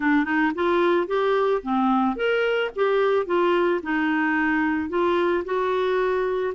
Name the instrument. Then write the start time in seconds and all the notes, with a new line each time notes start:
clarinet
0.00 D4
0.25 D#4
0.54 F4
1.07 G4
1.62 C4
2.15 A#4
2.75 G4
3.26 F4
3.83 D#4
4.89 F4
5.44 F#4